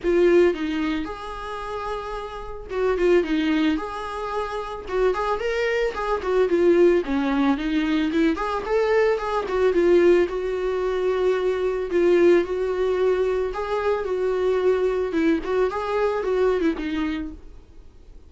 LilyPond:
\new Staff \with { instrumentName = "viola" } { \time 4/4 \tempo 4 = 111 f'4 dis'4 gis'2~ | gis'4 fis'8 f'8 dis'4 gis'4~ | gis'4 fis'8 gis'8 ais'4 gis'8 fis'8 | f'4 cis'4 dis'4 e'8 gis'8 |
a'4 gis'8 fis'8 f'4 fis'4~ | fis'2 f'4 fis'4~ | fis'4 gis'4 fis'2 | e'8 fis'8 gis'4 fis'8. e'16 dis'4 | }